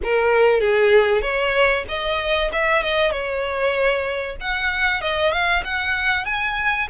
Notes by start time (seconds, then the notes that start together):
0.03 A#4
0.60 G#4
1.21 C#5
1.88 D#5
2.52 E5
2.82 D#5
3.11 C#5
4.40 F#5
5.01 D#5
5.32 F5
5.64 F#5
6.25 G#5